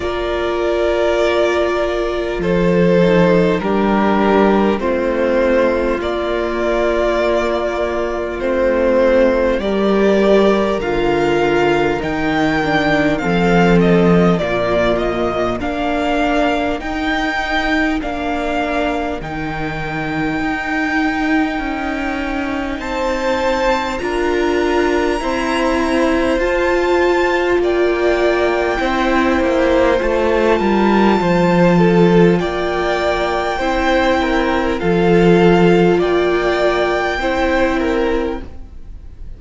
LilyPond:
<<
  \new Staff \with { instrumentName = "violin" } { \time 4/4 \tempo 4 = 50 d''2 c''4 ais'4 | c''4 d''2 c''4 | d''4 f''4 g''4 f''8 dis''8 | d''8 dis''8 f''4 g''4 f''4 |
g''2. a''4 | ais''2 a''4 g''4~ | g''4 a''2 g''4~ | g''4 f''4 g''2 | }
  \new Staff \with { instrumentName = "violin" } { \time 4/4 ais'2 a'4 g'4 | f'1 | ais'2. a'4 | f'4 ais'2.~ |
ais'2. c''4 | ais'4 c''2 d''4 | c''4. ais'8 c''8 a'8 d''4 | c''8 ais'8 a'4 d''4 c''8 ais'8 | }
  \new Staff \with { instrumentName = "viola" } { \time 4/4 f'2~ f'8 dis'8 d'4 | c'4 ais2 c'4 | g'4 f'4 dis'8 d'8 c'4 | ais4 d'4 dis'4 d'4 |
dis'1 | f'4 c'4 f'2 | e'4 f'2. | e'4 f'2 e'4 | }
  \new Staff \with { instrumentName = "cello" } { \time 4/4 ais2 f4 g4 | a4 ais2 a4 | g4 d4 dis4 f4 | ais,4 ais4 dis'4 ais4 |
dis4 dis'4 cis'4 c'4 | d'4 e'4 f'4 ais4 | c'8 ais8 a8 g8 f4 ais4 | c'4 f4 ais4 c'4 | }
>>